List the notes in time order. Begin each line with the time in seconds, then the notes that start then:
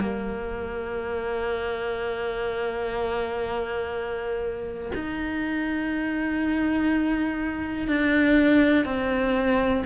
0.00 A#3
4.94 D#4
7.87 D4
8.84 C4